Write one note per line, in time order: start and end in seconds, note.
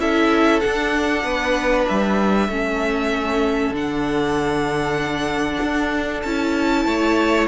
0.00 0.62 C#4
0.00 0.62 E4
0.00 1.25 A4
0.00 0.61 E5
0.61 2.50 D4
0.61 1.24 D4
0.61 1.86 F#5
1.24 1.87 B3
1.24 2.50 B4
1.88 2.48 G3
1.88 3.76 E5
2.48 3.71 A3
2.48 3.74 C#4
2.48 6.87 A4
3.71 5.58 D3
3.71 6.24 D4
3.71 6.22 F#5
5.61 6.24 D4
6.22 6.86 C#4
6.22 7.49 E4
6.22 7.47 A5
6.86 7.48 A3
6.86 7.49 C#5